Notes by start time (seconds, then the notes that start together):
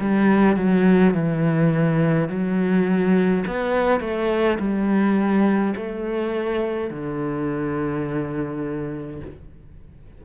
0.00 G3
0.56 F#3
1.14 E3
2.29 F#3
3.47 B3
4.00 A3
4.59 G3
5.76 A3
6.90 D3